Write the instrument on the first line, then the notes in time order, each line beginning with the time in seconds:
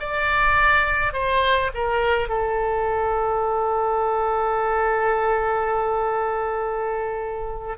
oboe
0.00 D5
1.13 C5
1.75 A#4
2.29 A4